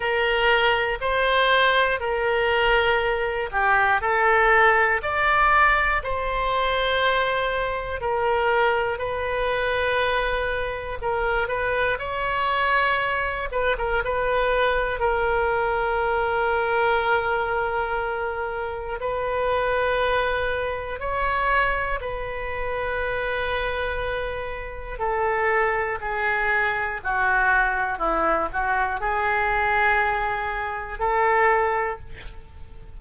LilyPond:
\new Staff \with { instrumentName = "oboe" } { \time 4/4 \tempo 4 = 60 ais'4 c''4 ais'4. g'8 | a'4 d''4 c''2 | ais'4 b'2 ais'8 b'8 | cis''4. b'16 ais'16 b'4 ais'4~ |
ais'2. b'4~ | b'4 cis''4 b'2~ | b'4 a'4 gis'4 fis'4 | e'8 fis'8 gis'2 a'4 | }